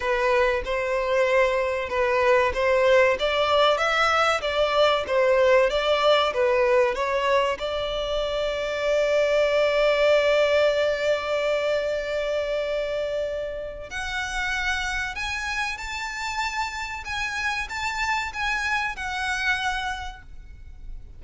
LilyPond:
\new Staff \with { instrumentName = "violin" } { \time 4/4 \tempo 4 = 95 b'4 c''2 b'4 | c''4 d''4 e''4 d''4 | c''4 d''4 b'4 cis''4 | d''1~ |
d''1~ | d''2 fis''2 | gis''4 a''2 gis''4 | a''4 gis''4 fis''2 | }